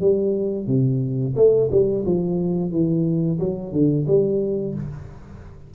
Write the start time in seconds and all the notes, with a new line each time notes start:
0.00 G3
0.66 C3
1.36 A3
1.71 G3
2.05 F3
2.71 E3
3.39 F#3
3.72 D3
4.07 G3